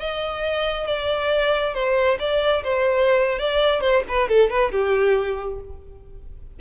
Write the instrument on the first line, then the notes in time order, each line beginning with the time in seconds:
violin
0.00 D#5
0.87 D5
1.74 C5
2.20 D5
2.64 C5
3.39 D5
3.81 C5
4.09 B4
4.29 A4
4.50 B4
4.72 G4